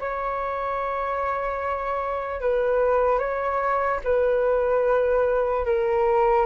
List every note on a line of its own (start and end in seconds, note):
0.00 2.41 C#5
2.41 3.18 B4
3.18 4.00 C#5
4.04 5.65 B4
5.65 6.45 A#4